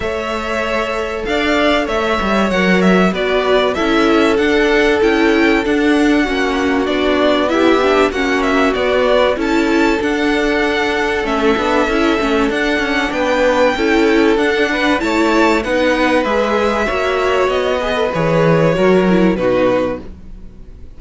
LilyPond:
<<
  \new Staff \with { instrumentName = "violin" } { \time 4/4 \tempo 4 = 96 e''2 f''4 e''4 | fis''8 e''8 d''4 e''4 fis''4 | g''4 fis''2 d''4 | e''4 fis''8 e''8 d''4 a''4 |
fis''2 e''2 | fis''4 g''2 fis''4 | a''4 fis''4 e''2 | dis''4 cis''2 b'4 | }
  \new Staff \with { instrumentName = "violin" } { \time 4/4 cis''2 d''4 cis''4~ | cis''4 b'4 a'2~ | a'2 fis'2 | g'4 fis'2 a'4~ |
a'1~ | a'4 b'4 a'4. b'8 | cis''4 b'2 cis''4~ | cis''8 b'4. ais'4 fis'4 | }
  \new Staff \with { instrumentName = "viola" } { \time 4/4 a'1 | ais'4 fis'4 e'4 d'4 | e'4 d'4 cis'4 d'4 | e'8 d'8 cis'4 b4 e'4 |
d'2 cis'8 d'8 e'8 cis'8 | d'2 e'4 d'4 | e'4 dis'4 gis'4 fis'4~ | fis'8 gis'16 a'16 gis'4 fis'8 e'8 dis'4 | }
  \new Staff \with { instrumentName = "cello" } { \time 4/4 a2 d'4 a8 g8 | fis4 b4 cis'4 d'4 | cis'4 d'4 ais4 b4~ | b4 ais4 b4 cis'4 |
d'2 a8 b8 cis'8 a8 | d'8 cis'8 b4 cis'4 d'4 | a4 b4 gis4 ais4 | b4 e4 fis4 b,4 | }
>>